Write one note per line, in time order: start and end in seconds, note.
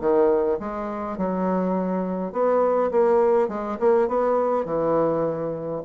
0.00 0.58 D#3
0.59 1.17 G#3
1.17 2.32 F#3
2.32 2.90 B3
2.91 3.48 A#3
3.48 3.77 G#3
3.79 4.08 A#3
4.08 4.65 B3
4.65 5.81 E3